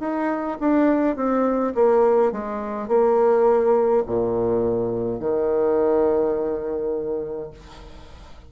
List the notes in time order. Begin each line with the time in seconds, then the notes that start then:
0.00 D#4
0.60 D4
1.16 C4
1.75 A#3
2.32 G#3
2.88 A#3
4.06 A#2
5.20 D#3